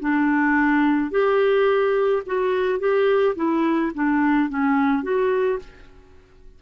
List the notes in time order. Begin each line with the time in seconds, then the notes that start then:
0.00 D4
1.11 G4
2.26 F#4
2.79 G4
3.36 E4
3.95 D4
4.49 C#4
5.03 F#4